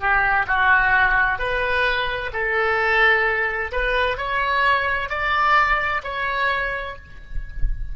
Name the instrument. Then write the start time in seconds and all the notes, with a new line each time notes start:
oboe
0.00 G4
0.48 F#4
1.39 B4
2.33 A4
3.72 B4
4.17 C#5
5.10 D5
6.04 C#5